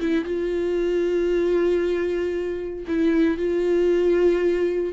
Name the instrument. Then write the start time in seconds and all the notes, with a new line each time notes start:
viola
0.00 E4
0.24 F4
2.87 E4
3.37 F4